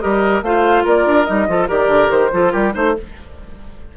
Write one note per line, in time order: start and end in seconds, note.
0.00 0.42 G3
0.00 0.43 G4
0.00 0.44 A#4
0.00 0.42 D#5
0.42 0.84 A3
0.42 1.26 F4
0.42 0.84 C5
0.42 0.86 F5
0.84 1.06 A#3
0.84 1.47 A#4
0.84 1.26 D5
1.06 1.27 D4
1.26 1.48 G3
1.26 1.47 D#4
1.26 1.68 D#5
1.48 1.69 F3
1.48 1.68 F4
1.48 1.68 A4
1.68 1.88 D#3
1.68 2.31 G4
1.68 2.31 A#4
1.68 2.11 D5
1.88 2.09 D3
2.10 2.31 D#3
2.10 2.52 C5
2.33 2.54 F3
2.33 2.73 F4
2.33 2.53 A4
2.52 2.75 G3
2.52 2.74 G4
2.52 2.73 A#4
2.73 2.97 A3
2.73 2.94 D#4
2.73 2.95 C5
2.73 2.97 C5